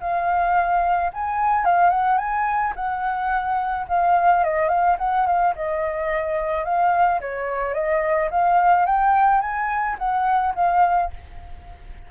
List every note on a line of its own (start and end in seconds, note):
0.00 1.11 F5
1.13 1.65 G#5
1.65 1.90 F5
1.90 2.17 F#5
2.17 2.73 G#5
2.76 3.87 F#5
3.88 4.43 F5
4.43 4.68 D#5
4.68 4.96 F5
4.98 5.26 F#5
5.26 5.54 F5
5.55 6.64 D#5
6.64 7.20 F5
7.20 7.73 C#5
7.73 8.29 D#5
8.30 8.85 F5
8.85 9.41 G5
9.41 9.96 G#5
9.98 10.54 F#5
10.55 11.10 F5